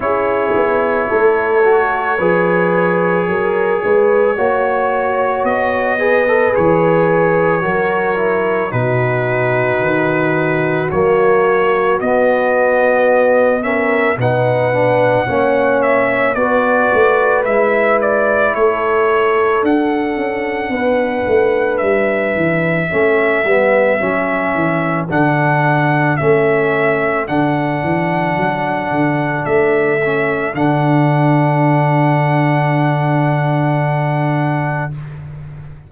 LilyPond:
<<
  \new Staff \with { instrumentName = "trumpet" } { \time 4/4 \tempo 4 = 55 cis''1~ | cis''4 dis''4 cis''2 | b'2 cis''4 dis''4~ | dis''8 e''8 fis''4. e''8 d''4 |
e''8 d''8 cis''4 fis''2 | e''2. fis''4 | e''4 fis''2 e''4 | fis''1 | }
  \new Staff \with { instrumentName = "horn" } { \time 4/4 gis'4 a'4 b'4 ais'8 b'8 | cis''4. b'4. ais'4 | fis'1~ | fis'8 ais'8 b'4 cis''4 b'4~ |
b'4 a'2 b'4~ | b'4 a'2.~ | a'1~ | a'1 | }
  \new Staff \with { instrumentName = "trombone" } { \time 4/4 e'4. fis'8 gis'2 | fis'4. gis'16 a'16 gis'4 fis'8 e'8 | dis'2 ais4 b4~ | b8 cis'8 dis'8 d'8 cis'4 fis'4 |
e'2 d'2~ | d'4 cis'8 b8 cis'4 d'4 | cis'4 d'2~ d'8 cis'8 | d'1 | }
  \new Staff \with { instrumentName = "tuba" } { \time 4/4 cis'8 b8 a4 f4 fis8 gis8 | ais4 b4 e4 fis4 | b,4 dis4 fis4 b4~ | b4 b,4 ais4 b8 a8 |
gis4 a4 d'8 cis'8 b8 a8 | g8 e8 a8 g8 fis8 e8 d4 | a4 d8 e8 fis8 d8 a4 | d1 | }
>>